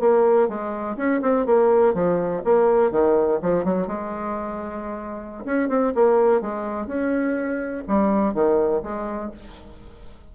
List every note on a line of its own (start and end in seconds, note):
0.00 0.48 A#3
0.48 0.97 G#3
0.97 1.21 C#4
1.22 1.46 C4
1.46 1.94 A#3
1.94 2.42 F3
2.45 2.91 A#3
2.91 3.40 D#3
3.42 3.64 F3
3.64 3.87 F#3
3.87 5.44 G#3
5.45 5.69 C#4
5.69 5.93 C4
5.95 6.41 A#3
6.41 6.87 G#3
6.87 7.84 C#4
7.88 8.34 G3
8.34 8.82 D#3
8.83 9.31 G#3